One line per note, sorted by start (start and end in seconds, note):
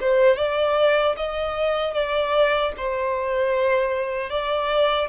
0.00 0.36 C5
0.36 1.15 D5
1.16 1.93 D#5
1.93 2.72 D5
2.76 4.29 C5
4.29 5.08 D5